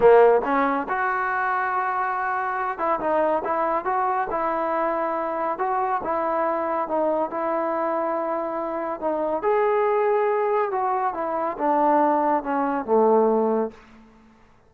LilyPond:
\new Staff \with { instrumentName = "trombone" } { \time 4/4 \tempo 4 = 140 ais4 cis'4 fis'2~ | fis'2~ fis'8 e'8 dis'4 | e'4 fis'4 e'2~ | e'4 fis'4 e'2 |
dis'4 e'2.~ | e'4 dis'4 gis'2~ | gis'4 fis'4 e'4 d'4~ | d'4 cis'4 a2 | }